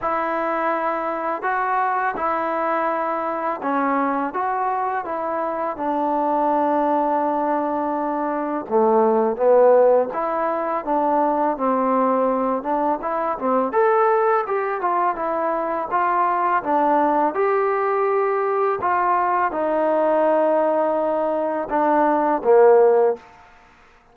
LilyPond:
\new Staff \with { instrumentName = "trombone" } { \time 4/4 \tempo 4 = 83 e'2 fis'4 e'4~ | e'4 cis'4 fis'4 e'4 | d'1 | a4 b4 e'4 d'4 |
c'4. d'8 e'8 c'8 a'4 | g'8 f'8 e'4 f'4 d'4 | g'2 f'4 dis'4~ | dis'2 d'4 ais4 | }